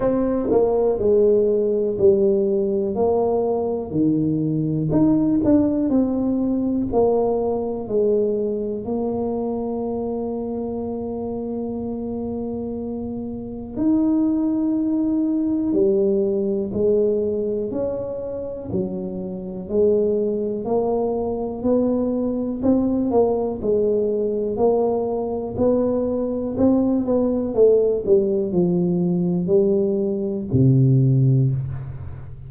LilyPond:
\new Staff \with { instrumentName = "tuba" } { \time 4/4 \tempo 4 = 61 c'8 ais8 gis4 g4 ais4 | dis4 dis'8 d'8 c'4 ais4 | gis4 ais2.~ | ais2 dis'2 |
g4 gis4 cis'4 fis4 | gis4 ais4 b4 c'8 ais8 | gis4 ais4 b4 c'8 b8 | a8 g8 f4 g4 c4 | }